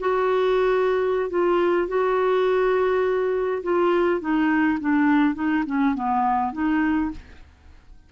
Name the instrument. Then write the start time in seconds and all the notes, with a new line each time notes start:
clarinet
0.00 F#4
1.30 F4
1.88 F#4
3.64 F4
4.21 D#4
4.80 D4
5.35 D#4
5.66 C#4
5.95 B3
6.53 D#4